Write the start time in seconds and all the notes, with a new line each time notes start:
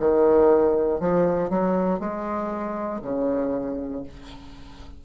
0.00 D#3
1.00 F3
1.50 F#3
2.00 G#3
3.02 C#3